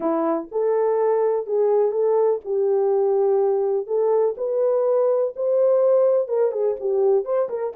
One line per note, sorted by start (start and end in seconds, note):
0.00 0.48 E4
0.51 1.46 A4
1.46 1.91 G#4
1.91 2.40 A4
2.44 3.86 G4
3.86 4.35 A4
4.37 5.34 B4
5.36 6.27 C5
6.27 6.51 A#4
6.51 6.75 G#4
6.80 7.24 G4
7.24 7.49 C5
7.49 7.73 A#4